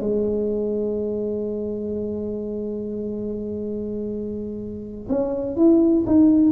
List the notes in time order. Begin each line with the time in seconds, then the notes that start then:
0.00 G#3
5.09 C#4
5.56 E4
6.06 D#4